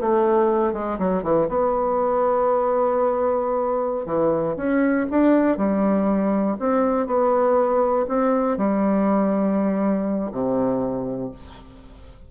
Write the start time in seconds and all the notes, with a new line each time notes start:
0.00 A3
0.73 G#3
0.98 F#3
1.23 E3
1.48 B3
4.05 E3
4.56 C#4
5.10 D4
5.57 G3
6.59 C4
7.06 B3
8.08 C4
8.57 G3
10.31 C3